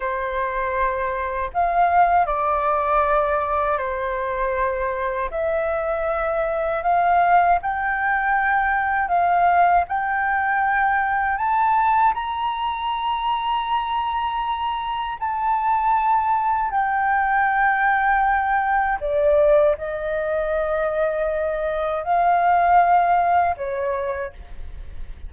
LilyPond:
\new Staff \with { instrumentName = "flute" } { \time 4/4 \tempo 4 = 79 c''2 f''4 d''4~ | d''4 c''2 e''4~ | e''4 f''4 g''2 | f''4 g''2 a''4 |
ais''1 | a''2 g''2~ | g''4 d''4 dis''2~ | dis''4 f''2 cis''4 | }